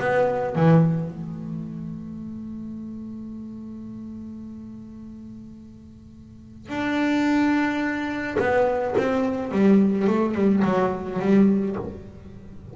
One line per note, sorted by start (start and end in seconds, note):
0.00 0.56 B3
0.56 1.11 E3
1.11 6.69 A3
6.69 8.37 D4
8.39 8.95 B3
8.98 9.51 C4
9.51 10.07 G3
10.07 10.35 A3
10.35 10.63 G3
10.64 11.20 F#3
11.20 11.76 G3